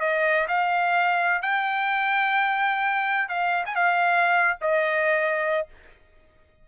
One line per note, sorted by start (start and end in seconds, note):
0.00 0.47 D#5
0.48 1.42 F5
1.42 3.29 G5
3.29 3.64 F5
3.65 3.75 G#5
3.75 4.58 F5
4.61 5.67 D#5